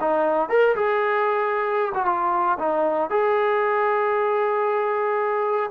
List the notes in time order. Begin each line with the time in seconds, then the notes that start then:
0.00 D#4
0.49 A#4
0.75 G#4
1.94 F#4
2.05 F4
2.59 D#4
3.09 G#4